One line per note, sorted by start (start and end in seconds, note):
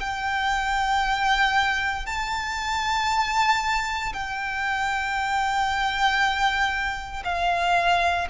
0.00 2.06 G5
2.06 4.13 A5
4.13 7.24 G5
7.25 8.28 F5